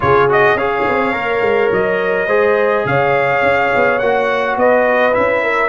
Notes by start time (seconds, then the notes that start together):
0.00 C#3 F4 G#4 C#5
0.29 F#4 D#5
0.54 C#4 G#4 C#5 F5
0.88 C4
1.12 A#3 A#4
1.41 G#3
1.71 F#3 D#5
2.27 G#3 G#4 C5
2.84 C#3 C#5 F5
3.42 C#4
3.75 B3
3.98 A#3 F#4 F#5
4.56 B3 B4 D#5
5.12 C#4 E4 E5
5.43 A#4